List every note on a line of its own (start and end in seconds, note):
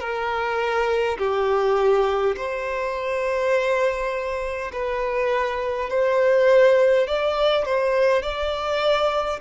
0.00 1.18 A#4
1.18 2.36 G4
2.36 4.72 C5
4.72 5.89 B4
5.89 7.07 C5
7.07 7.65 D5
7.65 8.22 C5
8.22 9.40 D5